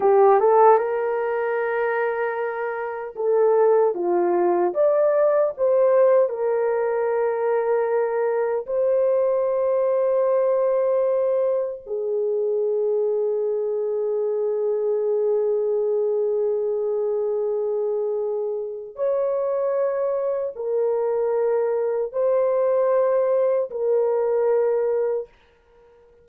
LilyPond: \new Staff \with { instrumentName = "horn" } { \time 4/4 \tempo 4 = 76 g'8 a'8 ais'2. | a'4 f'4 d''4 c''4 | ais'2. c''4~ | c''2. gis'4~ |
gis'1~ | gis'1 | cis''2 ais'2 | c''2 ais'2 | }